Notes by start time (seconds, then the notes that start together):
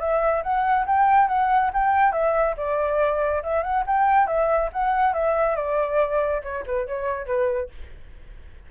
0.00 E5
0.43 F#5
0.87 G5
1.28 F#5
1.74 G5
2.13 E5
2.57 D5
3.44 E5
3.63 F#5
3.87 G5
4.27 E5
4.73 F#5
5.14 E5
5.56 D5
6.43 C#5
6.66 B4
6.87 C#5
7.27 B4